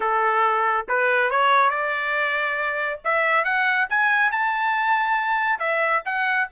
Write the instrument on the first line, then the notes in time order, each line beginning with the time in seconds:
trumpet
0.00 A4
0.88 B4
1.30 C#5
1.70 D5
3.04 E5
3.44 F#5
3.89 G#5
4.31 A5
5.59 E5
6.05 F#5